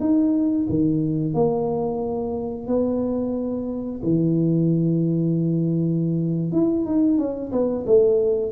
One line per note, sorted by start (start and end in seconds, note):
0.00 0.67 D#4
0.69 1.34 D#3
1.34 2.67 A#3
2.67 4.01 B3
4.03 6.52 E3
6.52 6.85 E4
6.85 7.18 D#4
7.18 7.51 C#4
7.52 7.85 B3
7.86 8.52 A3